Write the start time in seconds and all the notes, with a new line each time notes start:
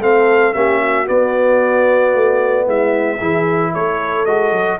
0.00 A3 C4 A4 F5
0.54 A#3 C#4 G4 E5
0.80 F#4
1.06 B3 D5
2.16 A3
2.67 G#3 E4 E5
3.17 E3 E4 G#4
3.74 A3 A4 C#5
4.26 G#3 F#4 D#5
4.52 F#3